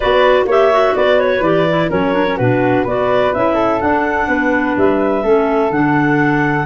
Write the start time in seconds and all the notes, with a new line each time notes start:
0.00 B3 F#4 B4 D5
0.45 A#3 G4 C#5 E5
0.72 F#4
0.96 B3 B4 D5
1.19 C#5
1.40 E3 G4 D5
1.69 E4
1.89 F#3 C#4 A#4 C#5
2.13 D4
2.26 C#4
2.36 B2 D4 F#4 B4
2.84 B3 F#4 B4 D5
3.33 C#4 E4 E5
3.55 A4
3.80 D4 F#5
4.27 B3 B4
4.77 G3 E5
5.23 A3 C#4 A4
5.70 D3 D4 F#5